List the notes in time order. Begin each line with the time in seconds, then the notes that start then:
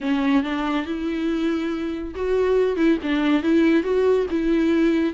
0.01 C#4
0.43 D4
0.86 E4
2.14 F#4
2.76 E4
3.02 D4
3.42 E4
3.83 F#4
4.30 E4